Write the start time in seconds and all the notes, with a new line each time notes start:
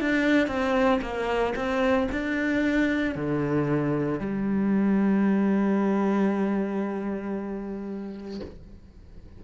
0.00 D4
0.47 C4
1.01 A#3
1.56 C4
2.11 D4
3.15 D3
4.20 G3